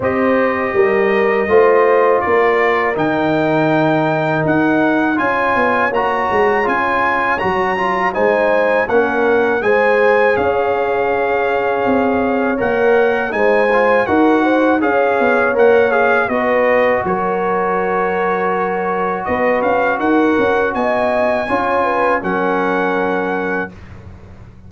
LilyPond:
<<
  \new Staff \with { instrumentName = "trumpet" } { \time 4/4 \tempo 4 = 81 dis''2. d''4 | g''2 fis''4 gis''4 | ais''4 gis''4 ais''4 gis''4 | fis''4 gis''4 f''2~ |
f''4 fis''4 gis''4 fis''4 | f''4 fis''8 f''8 dis''4 cis''4~ | cis''2 dis''8 f''8 fis''4 | gis''2 fis''2 | }
  \new Staff \with { instrumentName = "horn" } { \time 4/4 c''4 ais'4 c''4 ais'4~ | ais'2. cis''4~ | cis''2. c''4 | ais'4 c''4 cis''2~ |
cis''2 c''4 ais'8 c''8 | cis''2 b'4 ais'4~ | ais'2 b'4 ais'4 | dis''4 cis''8 b'8 ais'2 | }
  \new Staff \with { instrumentName = "trombone" } { \time 4/4 g'2 f'2 | dis'2. f'4 | fis'4 f'4 fis'8 f'8 dis'4 | cis'4 gis'2.~ |
gis'4 ais'4 dis'8 f'8 fis'4 | gis'4 ais'8 gis'8 fis'2~ | fis'1~ | fis'4 f'4 cis'2 | }
  \new Staff \with { instrumentName = "tuba" } { \time 4/4 c'4 g4 a4 ais4 | dis2 dis'4 cis'8 b8 | ais8 gis8 cis'4 fis4 gis4 | ais4 gis4 cis'2 |
c'4 ais4 gis4 dis'4 | cis'8 b8 ais4 b4 fis4~ | fis2 b8 cis'8 dis'8 cis'8 | b4 cis'4 fis2 | }
>>